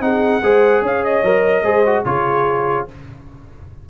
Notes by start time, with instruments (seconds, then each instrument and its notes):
0.00 tuba C4, trombone D#4, horn G#4, trumpet F#5
0.42 tuba G#3, trombone G#4, horn C5
0.81 tuba C#4, horn C#5, trumpet F5
1.04 trumpet D#5
1.23 tuba F#3, trombone A#4
1.62 tuba G#3, trombone G#4, horn C5
1.86 trombone F#4
2.04 tuba C#3, trombone F4, horn G#4, trumpet C#5